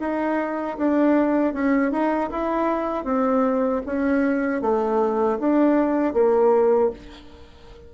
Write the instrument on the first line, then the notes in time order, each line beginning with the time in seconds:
bassoon
0.00 D#4
0.78 D4
1.53 C#4
1.92 D#4
2.30 E4
3.05 C4
3.86 C#4
4.62 A3
5.39 D4
6.14 A#3